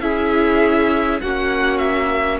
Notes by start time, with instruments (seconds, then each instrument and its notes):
0.00 cello C#4, viola E4, violin G#4 E5
1.21 cello A#3, viola C#4, violin F#4 F#5
1.78 violin E5